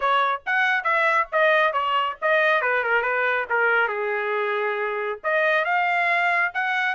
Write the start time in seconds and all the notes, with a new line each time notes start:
0.00 C#5
0.46 F#5
0.83 E5
1.32 D#5
1.73 C#5
2.21 D#5
2.61 B4
2.83 A#4
3.02 B4
3.49 A#4
3.88 G#4
5.23 D#5
5.64 F5
6.53 F#5